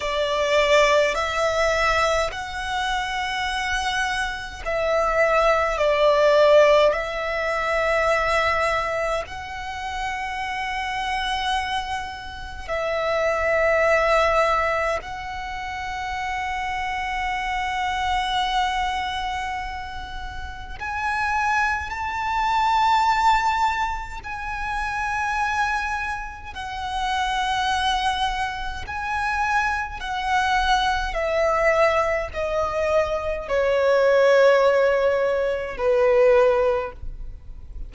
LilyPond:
\new Staff \with { instrumentName = "violin" } { \time 4/4 \tempo 4 = 52 d''4 e''4 fis''2 | e''4 d''4 e''2 | fis''2. e''4~ | e''4 fis''2.~ |
fis''2 gis''4 a''4~ | a''4 gis''2 fis''4~ | fis''4 gis''4 fis''4 e''4 | dis''4 cis''2 b'4 | }